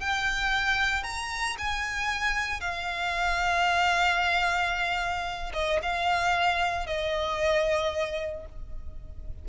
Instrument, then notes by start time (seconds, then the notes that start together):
violin
0.00 G5
1.04 A#5
1.58 G#5
2.60 F5
5.53 D#5
5.83 F5
6.87 D#5